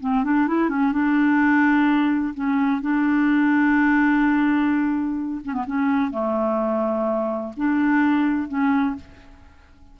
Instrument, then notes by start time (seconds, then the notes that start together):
clarinet
0.00 C4
0.24 D4
0.47 E4
0.69 C#4
0.92 D4
2.34 C#4
2.81 D4
5.44 C#4
5.53 B3
5.66 C#4
6.11 A3
7.57 D4
8.48 C#4